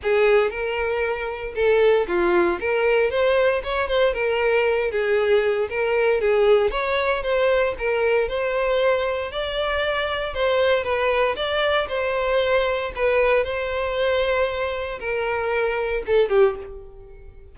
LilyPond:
\new Staff \with { instrumentName = "violin" } { \time 4/4 \tempo 4 = 116 gis'4 ais'2 a'4 | f'4 ais'4 c''4 cis''8 c''8 | ais'4. gis'4. ais'4 | gis'4 cis''4 c''4 ais'4 |
c''2 d''2 | c''4 b'4 d''4 c''4~ | c''4 b'4 c''2~ | c''4 ais'2 a'8 g'8 | }